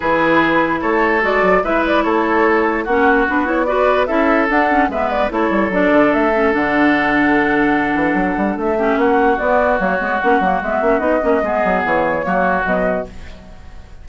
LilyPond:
<<
  \new Staff \with { instrumentName = "flute" } { \time 4/4 \tempo 4 = 147 b'2 cis''4 d''4 | e''8 d''8 cis''2 fis''4 | b'8 cis''8 d''4 e''4 fis''4 | e''8 d''8 cis''4 d''4 e''4 |
fis''1~ | fis''4 e''4 fis''4 d''4 | cis''4 fis''4 e''4 dis''4~ | dis''4 cis''2 dis''4 | }
  \new Staff \with { instrumentName = "oboe" } { \time 4/4 gis'2 a'2 | b'4 a'2 fis'4~ | fis'4 b'4 a'2 | b'4 a'2.~ |
a'1~ | a'4. g'8 fis'2~ | fis'1 | gis'2 fis'2 | }
  \new Staff \with { instrumentName = "clarinet" } { \time 4/4 e'2. fis'4 | e'2. cis'4 | d'8 e'8 fis'4 e'4 d'8 cis'8 | b4 e'4 d'4. cis'8 |
d'1~ | d'4. cis'4. b4 | ais8 b8 cis'8 ais8 b8 cis'8 dis'8 cis'8 | b2 ais4 fis4 | }
  \new Staff \with { instrumentName = "bassoon" } { \time 4/4 e2 a4 gis8 fis8 | gis4 a2 ais4 | b2 cis'4 d'4 | gis4 a8 g8 fis8 d8 a4 |
d2.~ d8 e8 | fis8 g8 a4 ais4 b4 | fis8 gis8 ais8 fis8 gis8 ais8 b8 ais8 | gis8 fis8 e4 fis4 b,4 | }
>>